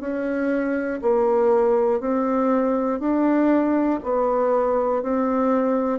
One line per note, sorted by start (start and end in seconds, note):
0.00 1.00 C#4
1.01 2.00 A#3
2.00 3.00 C4
3.00 4.00 D4
4.03 5.02 B3
5.02 5.99 C4